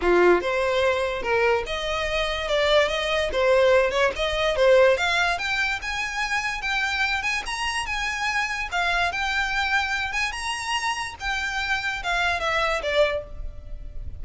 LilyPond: \new Staff \with { instrumentName = "violin" } { \time 4/4 \tempo 4 = 145 f'4 c''2 ais'4 | dis''2 d''4 dis''4 | c''4. cis''8 dis''4 c''4 | f''4 g''4 gis''2 |
g''4. gis''8 ais''4 gis''4~ | gis''4 f''4 g''2~ | g''8 gis''8 ais''2 g''4~ | g''4 f''4 e''4 d''4 | }